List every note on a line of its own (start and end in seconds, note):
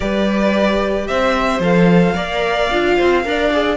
0.00 1.09 G3
0.00 1.62 G4
0.00 1.07 B4
0.00 1.07 D5
1.07 1.59 C4
1.07 2.14 C5
1.07 1.61 E5
1.59 2.13 F3
1.59 2.15 A4
1.59 3.77 F5
2.14 2.70 A#3
2.14 2.69 A#4
2.14 2.95 D5
2.70 2.98 D4
2.70 3.24 F4
2.96 3.25 C4
2.96 3.23 C5
3.24 3.77 D4
3.24 3.51 A#4
3.24 3.77 D5
3.51 3.77 G#4